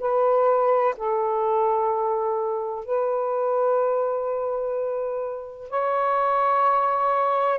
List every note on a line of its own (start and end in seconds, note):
0.00 0.95 B4
0.97 2.85 A4
2.85 5.70 B4
5.70 7.59 C#5